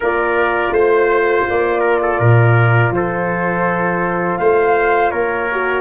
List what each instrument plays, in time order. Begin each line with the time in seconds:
0.00 tuba A#3, horn F4, trumpet A#4, flute D5
0.70 tuba A3, trumpet C5, flute C5
1.48 tuba A#3, flute D5
1.80 trumpet A#4
2.02 trumpet A4
2.19 tuba A#2, trumpet A#4
2.90 tuba F3, trumpet A4, flute C5
4.37 tuba A3, trumpet C5, flute F5
5.10 tuba A#3, trumpet A#4, flute C#5
5.52 horn F#4